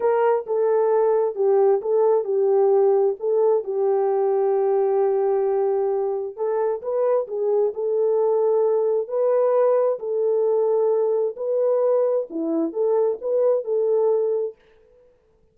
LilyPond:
\new Staff \with { instrumentName = "horn" } { \time 4/4 \tempo 4 = 132 ais'4 a'2 g'4 | a'4 g'2 a'4 | g'1~ | g'2 a'4 b'4 |
gis'4 a'2. | b'2 a'2~ | a'4 b'2 e'4 | a'4 b'4 a'2 | }